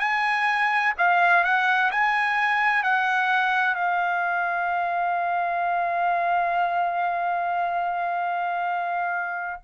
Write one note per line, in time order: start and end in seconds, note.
0.00 0.94 G#5
0.98 1.44 F5
1.44 1.91 F#5
1.92 2.84 G#5
2.84 3.75 F#5
3.75 9.61 F5